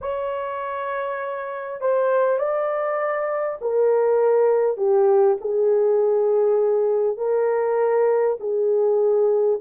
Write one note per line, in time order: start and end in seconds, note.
0.01 1.81 C#5
1.81 2.38 C5
2.38 3.58 D5
3.61 4.77 A#4
4.77 5.37 G4
5.40 7.17 G#4
7.17 8.37 A#4
8.39 9.59 G#4